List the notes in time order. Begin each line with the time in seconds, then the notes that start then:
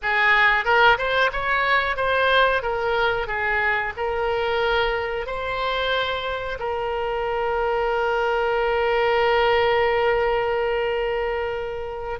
0.02 G#4
0.64 A#4
0.97 C5
1.32 C#5
1.96 C5
2.62 A#4
3.27 G#4
3.97 A#4
5.26 C5
6.59 A#4